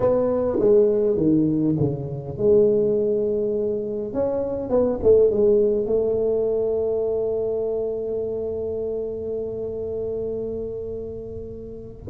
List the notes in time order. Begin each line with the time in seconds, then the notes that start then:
0.00 B3
0.59 G#3
1.16 D#3
1.79 C#3
2.37 G#3
4.13 C#4
4.69 B3
5.02 A3
5.30 G#3
5.86 A3